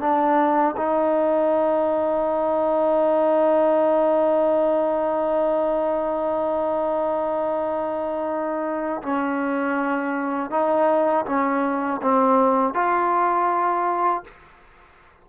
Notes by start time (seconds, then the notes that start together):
0.00 D4
0.76 D#4
9.02 C#4
10.50 D#4
11.25 C#4
12.01 C4
12.74 F4